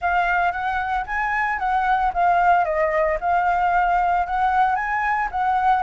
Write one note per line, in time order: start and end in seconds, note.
0.01 0.51 F5
0.51 1.05 F#5
1.06 1.59 G#5
1.59 2.12 F#5
2.13 2.64 F5
2.64 3.17 D#5
3.20 4.26 F5
4.26 4.75 F#5
4.75 5.28 G#5
5.31 5.83 F#5